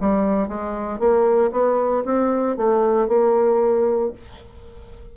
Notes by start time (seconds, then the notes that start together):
0.00 G3
0.48 G#3
0.99 A#3
1.51 B3
2.05 C4
2.56 A3
3.08 A#3